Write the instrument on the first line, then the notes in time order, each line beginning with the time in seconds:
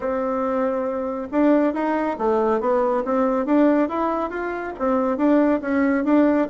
bassoon
0.00 C4
1.31 D4
1.73 D#4
2.18 A3
2.60 B3
3.04 C4
3.45 D4
3.88 E4
4.30 F4
4.79 C4
5.17 D4
5.61 C#4
6.04 D4